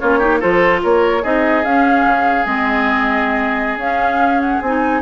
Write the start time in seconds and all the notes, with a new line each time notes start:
0.00 A#3 C#4 F4 C#5
0.18 D#4 G4
0.40 F3 F4 A4 C5
0.83 A#3 A#4 C#5
1.23 C4 D#4 G#4 D#5
1.64 C#4 F5
2.05 C#3
2.46 G#3 C4 D#5
3.77 C#4 F5
4.41 F#5
4.61 C4 D#4 G#5